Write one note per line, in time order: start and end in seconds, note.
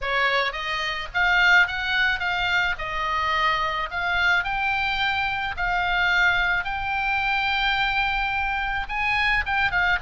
0.01 0.52 C#5
0.52 1.08 D#5
1.14 1.67 F5
1.67 2.19 F#5
2.19 2.75 F5
2.78 3.89 D#5
3.90 4.44 F5
4.44 5.55 G5
5.57 6.64 F5
6.64 8.86 G5
8.88 9.44 G#5
9.46 9.71 G5
9.71 9.98 F5